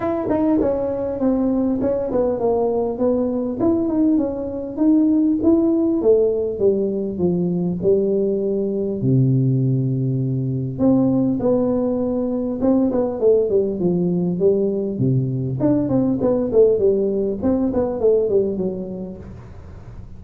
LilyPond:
\new Staff \with { instrumentName = "tuba" } { \time 4/4 \tempo 4 = 100 e'8 dis'8 cis'4 c'4 cis'8 b8 | ais4 b4 e'8 dis'8 cis'4 | dis'4 e'4 a4 g4 | f4 g2 c4~ |
c2 c'4 b4~ | b4 c'8 b8 a8 g8 f4 | g4 c4 d'8 c'8 b8 a8 | g4 c'8 b8 a8 g8 fis4 | }